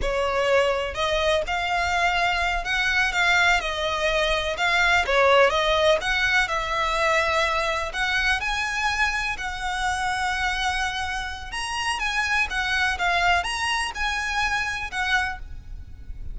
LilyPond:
\new Staff \with { instrumentName = "violin" } { \time 4/4 \tempo 4 = 125 cis''2 dis''4 f''4~ | f''4. fis''4 f''4 dis''8~ | dis''4. f''4 cis''4 dis''8~ | dis''8 fis''4 e''2~ e''8~ |
e''8 fis''4 gis''2 fis''8~ | fis''1 | ais''4 gis''4 fis''4 f''4 | ais''4 gis''2 fis''4 | }